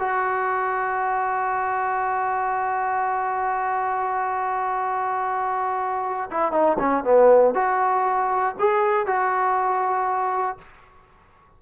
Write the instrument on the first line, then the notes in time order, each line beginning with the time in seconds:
trombone
0.00 F#4
6.31 E4
6.52 D#4
6.79 C#4
7.05 B3
7.55 F#4
8.60 G#4
9.07 F#4